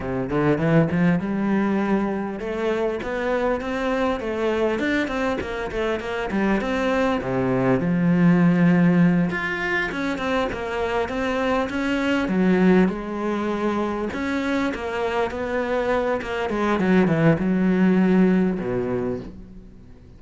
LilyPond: \new Staff \with { instrumentName = "cello" } { \time 4/4 \tempo 4 = 100 c8 d8 e8 f8 g2 | a4 b4 c'4 a4 | d'8 c'8 ais8 a8 ais8 g8 c'4 | c4 f2~ f8 f'8~ |
f'8 cis'8 c'8 ais4 c'4 cis'8~ | cis'8 fis4 gis2 cis'8~ | cis'8 ais4 b4. ais8 gis8 | fis8 e8 fis2 b,4 | }